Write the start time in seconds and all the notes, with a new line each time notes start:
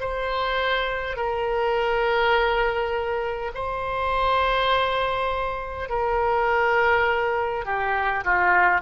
0.00 C5
1.16 A#4
3.55 C5
5.89 A#4
7.65 G4
8.24 F4